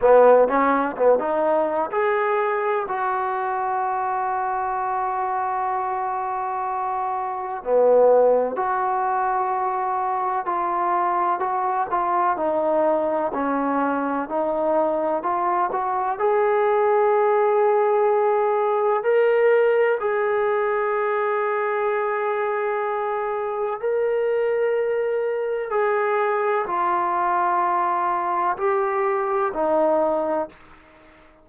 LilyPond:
\new Staff \with { instrumentName = "trombone" } { \time 4/4 \tempo 4 = 63 b8 cis'8 b16 dis'8. gis'4 fis'4~ | fis'1 | b4 fis'2 f'4 | fis'8 f'8 dis'4 cis'4 dis'4 |
f'8 fis'8 gis'2. | ais'4 gis'2.~ | gis'4 ais'2 gis'4 | f'2 g'4 dis'4 | }